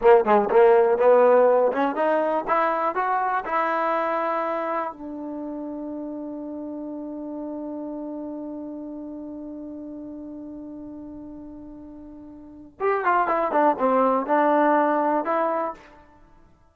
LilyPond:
\new Staff \with { instrumentName = "trombone" } { \time 4/4 \tempo 4 = 122 ais8 gis8 ais4 b4. cis'8 | dis'4 e'4 fis'4 e'4~ | e'2 d'2~ | d'1~ |
d'1~ | d'1~ | d'2 g'8 f'8 e'8 d'8 | c'4 d'2 e'4 | }